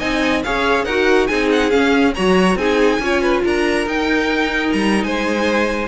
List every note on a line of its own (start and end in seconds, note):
0.00 0.45 C4
0.00 0.43 D#4
0.00 0.43 D#5
0.00 0.43 G#5
0.44 0.86 C#4
0.44 0.88 G#4
0.44 0.85 C#5
0.44 0.85 F5
0.85 1.28 D#4
0.85 1.30 F#4
0.85 1.28 A#4
0.85 1.27 F#5
1.27 1.74 C4
1.27 1.71 D#4
1.27 2.15 G#4
1.27 1.49 G#5
1.52 1.71 F#5
1.71 2.13 C#4
1.71 2.17 C#4
1.71 2.14 F5
2.15 2.56 F#3
2.15 2.59 F#4
2.15 2.58 C#5
2.15 2.58 A#5
2.56 2.99 C4
2.56 3.02 D#4
2.56 3.02 G#4
2.56 3.43 G#5
3.00 3.43 C#4
3.00 3.87 F4
3.00 3.22 C#5
3.22 3.44 B4
3.44 3.87 D4
3.44 5.05 A#4
3.44 3.88 A#5
3.87 4.73 D#4
3.87 5.88 D#4
3.87 4.72 G5
4.72 5.04 G3
4.72 5.04 A#5
5.04 5.88 G#3
5.04 5.88 C5
5.04 5.88 G#5